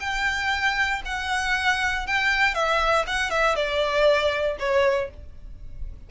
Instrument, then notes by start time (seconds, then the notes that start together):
violin
0.00 G5
1.05 F#5
2.07 G5
2.54 E5
3.07 F#5
3.30 E5
3.55 D5
4.59 C#5